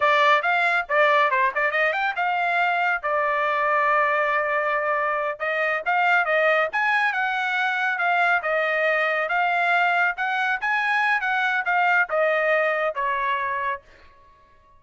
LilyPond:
\new Staff \with { instrumentName = "trumpet" } { \time 4/4 \tempo 4 = 139 d''4 f''4 d''4 c''8 d''8 | dis''8 g''8 f''2 d''4~ | d''1~ | d''8 dis''4 f''4 dis''4 gis''8~ |
gis''8 fis''2 f''4 dis''8~ | dis''4. f''2 fis''8~ | fis''8 gis''4. fis''4 f''4 | dis''2 cis''2 | }